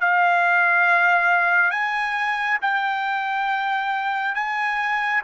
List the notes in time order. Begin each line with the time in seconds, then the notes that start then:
0.00 F5
1.71 G#5
2.62 G5
4.35 G#5